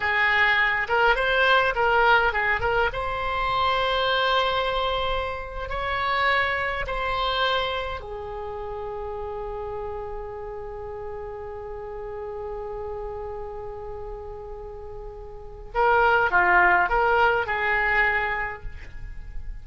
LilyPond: \new Staff \with { instrumentName = "oboe" } { \time 4/4 \tempo 4 = 103 gis'4. ais'8 c''4 ais'4 | gis'8 ais'8 c''2.~ | c''4.~ c''16 cis''2 c''16~ | c''4.~ c''16 gis'2~ gis'16~ |
gis'1~ | gis'1~ | gis'2. ais'4 | f'4 ais'4 gis'2 | }